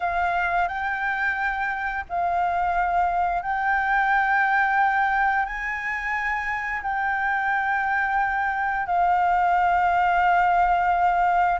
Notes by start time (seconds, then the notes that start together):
0.00 F5
0.68 G5
2.09 F5
3.42 G5
5.45 G#5
6.82 G5
8.86 F5